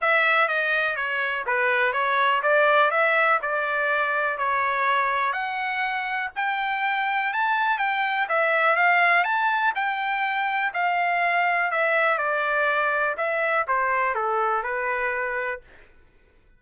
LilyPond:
\new Staff \with { instrumentName = "trumpet" } { \time 4/4 \tempo 4 = 123 e''4 dis''4 cis''4 b'4 | cis''4 d''4 e''4 d''4~ | d''4 cis''2 fis''4~ | fis''4 g''2 a''4 |
g''4 e''4 f''4 a''4 | g''2 f''2 | e''4 d''2 e''4 | c''4 a'4 b'2 | }